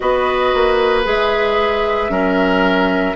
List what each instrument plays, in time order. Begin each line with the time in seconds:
0.00 bassoon B3, clarinet F#4, oboe B4, flute D#5
0.54 bassoon A#3
1.04 bassoon G#3, clarinet G#4, flute E5
2.09 bassoon F#3, clarinet C#4, oboe A#4